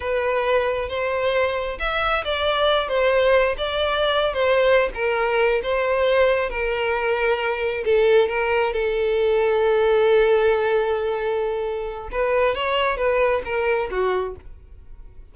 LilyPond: \new Staff \with { instrumentName = "violin" } { \time 4/4 \tempo 4 = 134 b'2 c''2 | e''4 d''4. c''4. | d''4.~ d''16 c''4~ c''16 ais'4~ | ais'8 c''2 ais'4.~ |
ais'4. a'4 ais'4 a'8~ | a'1~ | a'2. b'4 | cis''4 b'4 ais'4 fis'4 | }